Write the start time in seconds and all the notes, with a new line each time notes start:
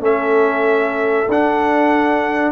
0.00 A3 C#4 A4 E5
1.28 D4 F#5